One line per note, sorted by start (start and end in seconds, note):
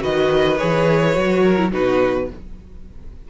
0.00 0.61 D#3
0.00 0.57 F#4
0.00 1.44 B4
0.00 0.58 D#5
0.58 1.17 E3
0.58 1.14 G#4
0.58 1.71 C#5
1.14 1.73 F#3
1.14 1.57 F#4
1.44 1.72 A#4
1.57 1.71 E4
1.72 2.30 B2
1.72 2.28 D#4
1.72 2.29 F#4
1.72 2.30 B4